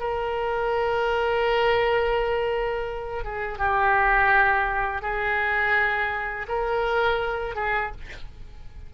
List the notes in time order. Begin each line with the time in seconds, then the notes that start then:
0.00 A#4
3.25 G#4
3.58 G4
5.02 G#4
6.48 A#4
7.55 G#4